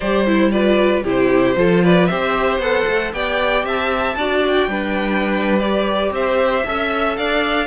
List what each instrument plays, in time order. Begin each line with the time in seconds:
0.00 cello G3, viola G4, violin C5 D5
0.26 viola E4, violin C5
0.51 viola F4, violin B4 D5
1.03 cello C3, viola E4, violin G4 C5
1.56 cello F3, viola F4, violin A4
1.83 violin B4 D5
2.06 cello C4, viola G4, violin C5 E5
2.58 cello B3, viola A4, violin F#5
2.87 cello A3
3.12 cello B3, viola G4, violin D5 G5
3.63 cello C4, violin E5 A5
4.16 cello D4, viola F#4, violin D5
4.47 violin G5
4.67 cello G3, viola D4, violin B4
5.59 viola G4, violin D5
6.10 cello C4, violin C5 E5
6.65 cello C#4, viola A4, violin E5
7.16 cello D4, violin D5 F5